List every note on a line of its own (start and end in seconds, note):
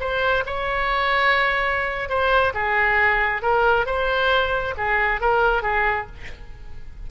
0.00 0.44 C5
0.46 2.09 C#5
2.09 2.53 C5
2.54 3.42 G#4
3.42 3.86 A#4
3.86 4.74 C5
4.77 5.21 G#4
5.21 5.62 A#4
5.62 6.07 G#4